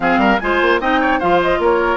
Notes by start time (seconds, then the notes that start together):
0.00 F3 C4 G#4 F5
0.17 G3 A#4
0.39 G#3 F4 C5 G#5
0.61 A#3
0.80 C4 D#4 D#5 G5
1.01 C#5
1.19 F3 F4 C5 F5
1.42 D#5
1.58 A#3 A#4 C#5